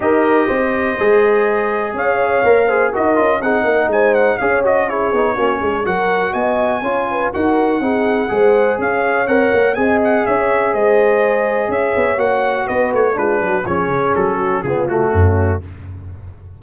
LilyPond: <<
  \new Staff \with { instrumentName = "trumpet" } { \time 4/4 \tempo 4 = 123 dis''1 | f''2 dis''4 fis''4 | gis''8 fis''8 f''8 dis''8 cis''2 | fis''4 gis''2 fis''4~ |
fis''2 f''4 fis''4 | gis''8 fis''8 e''4 dis''2 | e''4 fis''4 dis''8 cis''8 b'4 | cis''4 a'4 gis'8 fis'4. | }
  \new Staff \with { instrumentName = "horn" } { \time 4/4 ais'4 c''2. | cis''4. c''8 ais'4 gis'8 ais'8 | c''4 cis''4 gis'4 fis'8 gis'8 | ais'4 dis''4 cis''8 b'8 ais'4 |
gis'4 c''4 cis''2 | dis''4 cis''4 c''2 | cis''2 b'4 f'8 fis'8 | gis'4. fis'8 f'4 cis'4 | }
  \new Staff \with { instrumentName = "trombone" } { \time 4/4 g'2 gis'2~ | gis'4 ais'8 gis'8 fis'8 f'8 dis'4~ | dis'4 gis'8 fis'8 e'8 dis'8 cis'4 | fis'2 f'4 fis'4 |
dis'4 gis'2 ais'4 | gis'1~ | gis'4 fis'2 d'4 | cis'2 b8 a4. | }
  \new Staff \with { instrumentName = "tuba" } { \time 4/4 dis'4 c'4 gis2 | cis'4 ais4 dis'8 cis'8 c'8 ais8 | gis4 cis'4. b8 ais8 gis8 | fis4 b4 cis'4 dis'4 |
c'4 gis4 cis'4 c'8 ais8 | c'4 cis'4 gis2 | cis'8 b8 ais4 b8 a8 gis8 fis8 | f8 cis8 fis4 cis4 fis,4 | }
>>